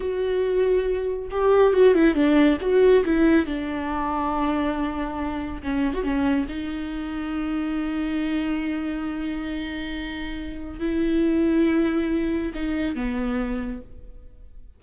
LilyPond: \new Staff \with { instrumentName = "viola" } { \time 4/4 \tempo 4 = 139 fis'2. g'4 | fis'8 e'8 d'4 fis'4 e'4 | d'1~ | d'4 cis'8. fis'16 cis'4 dis'4~ |
dis'1~ | dis'1~ | dis'4 e'2.~ | e'4 dis'4 b2 | }